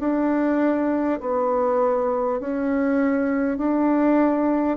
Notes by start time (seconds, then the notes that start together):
0.00 D4
1.20 B3
2.41 C#4
3.58 D4